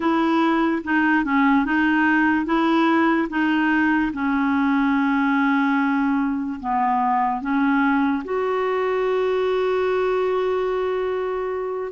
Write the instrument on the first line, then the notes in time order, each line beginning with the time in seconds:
clarinet
0.00 E4
0.84 D#4
1.24 C#4
1.65 D#4
2.45 E4
3.29 D#4
4.13 C#4
6.60 B3
7.41 C#4
8.24 F#4